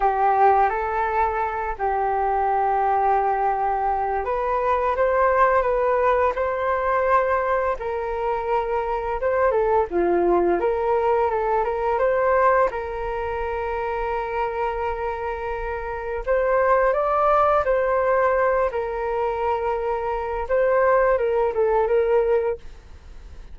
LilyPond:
\new Staff \with { instrumentName = "flute" } { \time 4/4 \tempo 4 = 85 g'4 a'4. g'4.~ | g'2 b'4 c''4 | b'4 c''2 ais'4~ | ais'4 c''8 a'8 f'4 ais'4 |
a'8 ais'8 c''4 ais'2~ | ais'2. c''4 | d''4 c''4. ais'4.~ | ais'4 c''4 ais'8 a'8 ais'4 | }